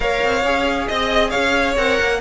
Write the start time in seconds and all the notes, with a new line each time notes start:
0.00 A#3 A#4 C#5 F5
0.22 C4
0.44 C#4 G#4
0.87 C4 D#5
1.30 C#4 C#5 F5
1.77 C4 A#4 F#5
2.00 A#3